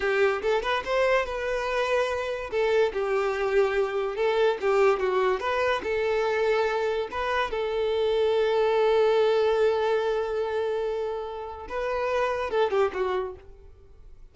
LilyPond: \new Staff \with { instrumentName = "violin" } { \time 4/4 \tempo 4 = 144 g'4 a'8 b'8 c''4 b'4~ | b'2 a'4 g'4~ | g'2 a'4 g'4 | fis'4 b'4 a'2~ |
a'4 b'4 a'2~ | a'1~ | a'1 | b'2 a'8 g'8 fis'4 | }